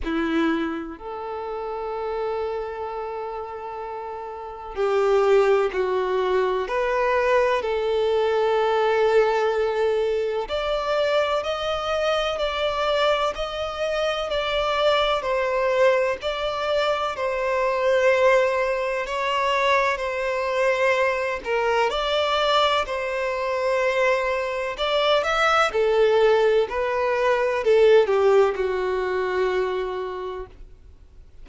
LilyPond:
\new Staff \with { instrumentName = "violin" } { \time 4/4 \tempo 4 = 63 e'4 a'2.~ | a'4 g'4 fis'4 b'4 | a'2. d''4 | dis''4 d''4 dis''4 d''4 |
c''4 d''4 c''2 | cis''4 c''4. ais'8 d''4 | c''2 d''8 e''8 a'4 | b'4 a'8 g'8 fis'2 | }